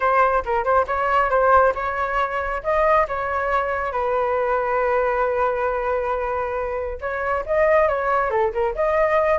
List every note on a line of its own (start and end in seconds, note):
0.00 0.43 C5
0.45 0.64 A#4
0.64 0.86 C5
0.87 1.30 C#5
1.30 1.73 C5
1.75 2.62 C#5
2.63 3.07 D#5
3.08 3.92 C#5
3.92 6.98 B4
7.00 7.44 C#5
7.46 7.88 D#5
7.88 8.30 C#5
8.30 8.52 A4
8.52 8.74 A#4
8.75 9.39 D#5